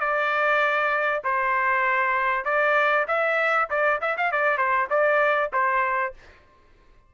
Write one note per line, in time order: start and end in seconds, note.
0.00 1.22 D5
1.24 2.45 C5
2.45 3.06 D5
3.08 3.69 E5
3.70 4.01 D5
4.02 4.17 E5
4.17 4.32 F5
4.32 4.58 D5
4.58 4.88 C5
4.90 5.52 D5
5.53 6.14 C5